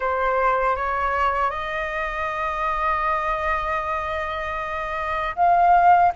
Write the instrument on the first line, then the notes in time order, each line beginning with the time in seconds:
flute
0.00 C5
0.76 C#5
1.50 D#5
5.35 F5